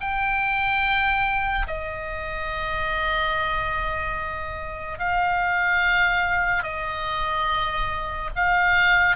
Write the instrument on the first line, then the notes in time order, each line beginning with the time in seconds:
oboe
0.00 G5
1.67 D#5
4.98 F5
6.63 D#5
8.35 F5